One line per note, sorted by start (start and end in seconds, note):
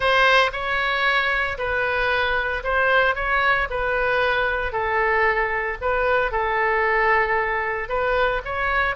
0.00 0.50 C5
0.52 1.57 C#5
1.58 2.63 B4
2.63 3.15 C5
3.15 3.67 C#5
3.69 4.72 B4
4.72 5.77 A4
5.81 6.31 B4
6.31 7.89 A4
7.89 8.41 B4
8.44 8.95 C#5